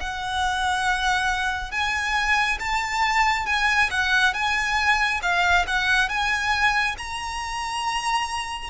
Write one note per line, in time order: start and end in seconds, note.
0.00 1.71 F#5
1.71 2.58 G#5
2.59 3.46 A5
3.46 3.89 G#5
3.90 4.33 F#5
4.33 5.20 G#5
5.22 5.65 F5
5.67 6.09 F#5
6.09 6.96 G#5
6.98 8.70 A#5